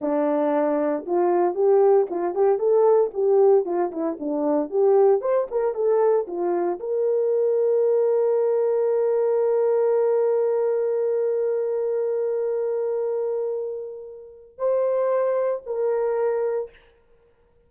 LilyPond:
\new Staff \with { instrumentName = "horn" } { \time 4/4 \tempo 4 = 115 d'2 f'4 g'4 | f'8 g'8 a'4 g'4 f'8 e'8 | d'4 g'4 c''8 ais'8 a'4 | f'4 ais'2.~ |
ais'1~ | ais'1~ | ais'1 | c''2 ais'2 | }